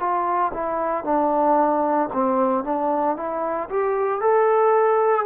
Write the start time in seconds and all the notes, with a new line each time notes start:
0.00 F4
0.54 E4
1.04 D4
2.14 C4
2.64 D4
3.17 E4
3.70 G4
4.21 A4